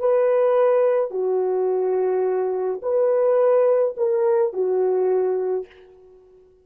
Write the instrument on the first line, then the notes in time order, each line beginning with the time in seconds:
horn
0.00 B4
1.11 F#4
2.83 B4
3.97 A#4
4.53 F#4